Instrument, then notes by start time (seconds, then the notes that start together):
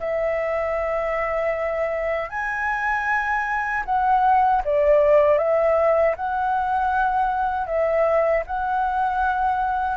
flute
0.00 E5
2.30 G#5
3.86 F#5
4.65 D5
5.38 E5
6.16 F#5
7.67 E5
8.47 F#5